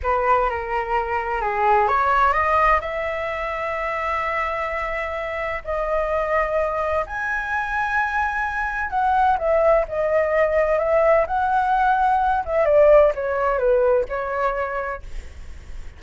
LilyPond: \new Staff \with { instrumentName = "flute" } { \time 4/4 \tempo 4 = 128 b'4 ais'2 gis'4 | cis''4 dis''4 e''2~ | e''1 | dis''2. gis''4~ |
gis''2. fis''4 | e''4 dis''2 e''4 | fis''2~ fis''8 e''8 d''4 | cis''4 b'4 cis''2 | }